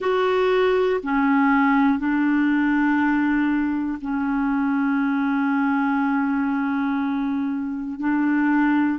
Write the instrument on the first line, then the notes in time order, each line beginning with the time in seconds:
clarinet
0.00 F#4
1.03 C#4
1.98 D4
4.00 C#4
7.99 D4